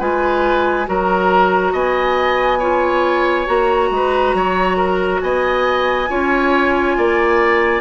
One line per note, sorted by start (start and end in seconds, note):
0.00 0.88 G#3
0.00 0.86 F4
0.00 0.87 B4
0.00 0.88 G#5
0.86 1.73 F#3
0.86 2.60 F#4
0.86 1.73 A#4
0.86 1.75 A#5
1.73 3.47 B3
1.73 2.59 D#5
1.73 3.48 G#5
2.59 3.46 F4
2.59 3.89 C#5
3.46 3.91 A#3
3.46 6.07 F#4
3.46 5.21 A#5
3.91 4.34 G#3
3.91 4.37 B4
4.34 5.21 F#3
4.34 4.77 C#5
4.77 5.21 A#4
5.21 6.10 B3
5.21 6.10 D#5
5.21 7.82 G#5
6.09 6.97 C#4
6.09 7.82 F4
6.09 6.97 C#5
6.98 7.82 A#3
6.98 7.82 D5